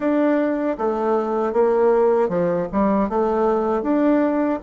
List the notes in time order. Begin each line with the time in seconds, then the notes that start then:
0.00 D4
0.78 A3
1.52 A#3
2.28 F3
2.71 G3
3.09 A3
3.82 D4